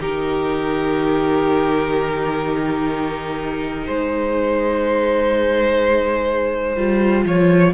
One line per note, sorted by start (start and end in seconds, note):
0.00 3.87 D#3
0.00 6.77 D#4
0.00 3.87 G4
0.00 3.86 A#4
3.86 6.77 G#3
3.86 7.74 G#4
3.86 7.25 C5
6.77 7.25 G3
6.77 7.73 F4
7.25 7.74 F3
7.25 7.74 C#5